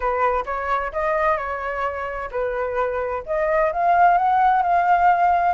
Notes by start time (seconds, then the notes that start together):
0.00 B4
0.45 C#5
0.92 D#5
1.37 C#5
2.31 B4
3.25 D#5
3.72 F5
4.17 F#5
4.62 F5